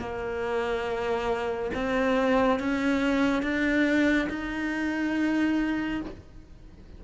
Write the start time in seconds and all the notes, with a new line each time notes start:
0.00 A#3
1.74 C4
2.59 C#4
3.42 D4
4.29 D#4